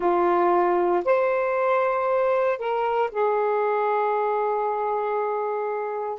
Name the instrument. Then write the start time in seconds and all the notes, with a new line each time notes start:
saxophone
0.00 F4
1.04 C5
2.58 A#4
3.11 G#4